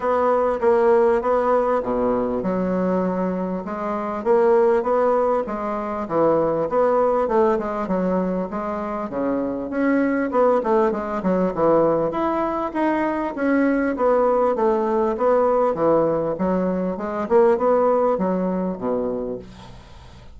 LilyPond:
\new Staff \with { instrumentName = "bassoon" } { \time 4/4 \tempo 4 = 99 b4 ais4 b4 b,4 | fis2 gis4 ais4 | b4 gis4 e4 b4 | a8 gis8 fis4 gis4 cis4 |
cis'4 b8 a8 gis8 fis8 e4 | e'4 dis'4 cis'4 b4 | a4 b4 e4 fis4 | gis8 ais8 b4 fis4 b,4 | }